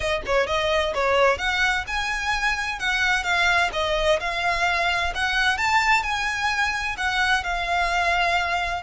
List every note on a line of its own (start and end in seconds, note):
0.00 0.21 D#5
0.26 0.47 C#5
0.47 0.93 D#5
0.94 1.38 C#5
1.38 1.84 F#5
1.87 2.79 G#5
2.79 3.23 F#5
3.23 3.70 F5
3.73 4.19 D#5
4.20 5.13 F5
5.14 5.57 F#5
5.57 6.03 A5
6.03 6.96 G#5
6.97 7.43 F#5
7.43 8.82 F5